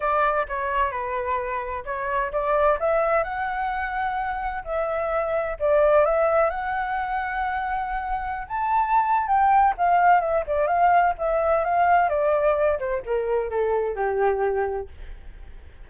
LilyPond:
\new Staff \with { instrumentName = "flute" } { \time 4/4 \tempo 4 = 129 d''4 cis''4 b'2 | cis''4 d''4 e''4 fis''4~ | fis''2 e''2 | d''4 e''4 fis''2~ |
fis''2~ fis''16 a''4.~ a''16 | g''4 f''4 e''8 d''8 f''4 | e''4 f''4 d''4. c''8 | ais'4 a'4 g'2 | }